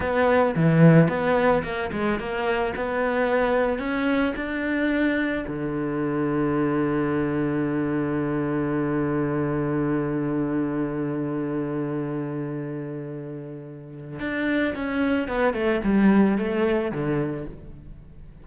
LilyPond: \new Staff \with { instrumentName = "cello" } { \time 4/4 \tempo 4 = 110 b4 e4 b4 ais8 gis8 | ais4 b2 cis'4 | d'2 d2~ | d1~ |
d1~ | d1~ | d2 d'4 cis'4 | b8 a8 g4 a4 d4 | }